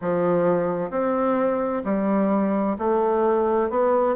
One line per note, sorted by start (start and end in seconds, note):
0.01 0.90 F3
0.90 1.82 C4
1.84 2.77 G3
2.78 3.69 A3
3.69 4.15 B3